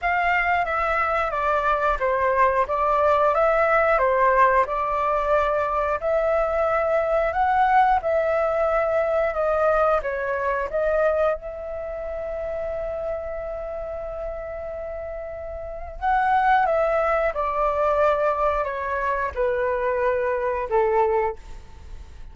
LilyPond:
\new Staff \with { instrumentName = "flute" } { \time 4/4 \tempo 4 = 90 f''4 e''4 d''4 c''4 | d''4 e''4 c''4 d''4~ | d''4 e''2 fis''4 | e''2 dis''4 cis''4 |
dis''4 e''2.~ | e''1 | fis''4 e''4 d''2 | cis''4 b'2 a'4 | }